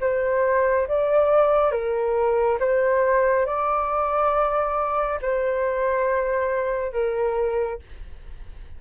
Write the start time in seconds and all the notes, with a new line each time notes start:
0.00 C5
0.87 D5
1.71 A#4
2.59 C5
3.45 D5
5.21 C5
6.92 A#4